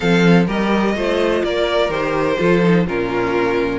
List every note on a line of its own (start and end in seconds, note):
0.00 0.47 F3
0.00 0.46 C4
0.00 0.46 A4
0.00 0.45 F5
0.46 0.95 G3
0.46 0.95 G4
0.46 0.94 A#4
0.46 1.44 D#5
0.95 1.42 A3
0.95 1.90 F4
0.95 1.44 C5
1.43 1.89 A#3
1.43 2.39 A#4
1.43 1.91 D5
1.89 2.36 D#3
1.89 2.37 G4
1.89 2.86 C5
2.37 2.87 F3
2.37 2.61 F4
2.37 2.87 A4
2.62 2.86 D#4
2.87 3.79 A#2
2.87 3.79 C#4
2.87 3.79 F4
2.87 3.79 A#4